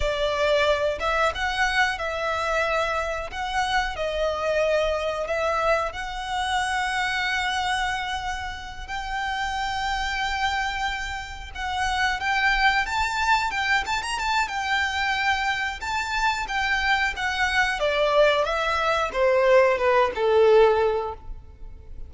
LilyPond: \new Staff \with { instrumentName = "violin" } { \time 4/4 \tempo 4 = 91 d''4. e''8 fis''4 e''4~ | e''4 fis''4 dis''2 | e''4 fis''2.~ | fis''4. g''2~ g''8~ |
g''4. fis''4 g''4 a''8~ | a''8 g''8 a''16 ais''16 a''8 g''2 | a''4 g''4 fis''4 d''4 | e''4 c''4 b'8 a'4. | }